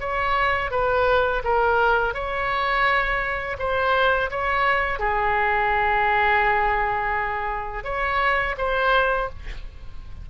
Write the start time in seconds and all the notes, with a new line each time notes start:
0.00 C#5
0.71 B4
1.44 A#4
2.14 C#5
3.58 C5
4.30 C#5
4.99 G#4
7.84 C#5
8.57 C5